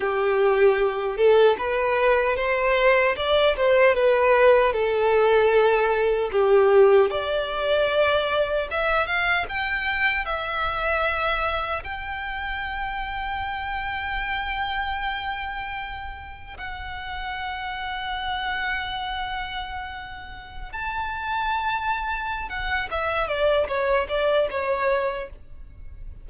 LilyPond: \new Staff \with { instrumentName = "violin" } { \time 4/4 \tempo 4 = 76 g'4. a'8 b'4 c''4 | d''8 c''8 b'4 a'2 | g'4 d''2 e''8 f''8 | g''4 e''2 g''4~ |
g''1~ | g''4 fis''2.~ | fis''2~ fis''16 a''4.~ a''16~ | a''8 fis''8 e''8 d''8 cis''8 d''8 cis''4 | }